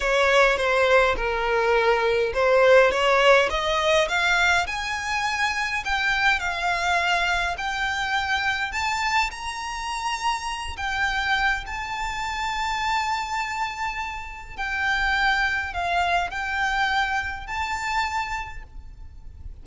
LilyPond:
\new Staff \with { instrumentName = "violin" } { \time 4/4 \tempo 4 = 103 cis''4 c''4 ais'2 | c''4 cis''4 dis''4 f''4 | gis''2 g''4 f''4~ | f''4 g''2 a''4 |
ais''2~ ais''8 g''4. | a''1~ | a''4 g''2 f''4 | g''2 a''2 | }